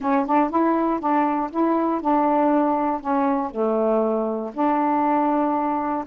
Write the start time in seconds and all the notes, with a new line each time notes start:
0.00 C#4
0.26 D4
0.50 E4
0.99 D4
1.50 E4
2.01 D4
3.00 C#4
3.50 A3
4.53 D4